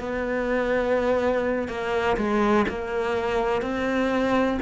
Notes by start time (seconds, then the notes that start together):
0.00 B3
1.69 A#3
2.18 G#3
2.69 A#3
3.62 C4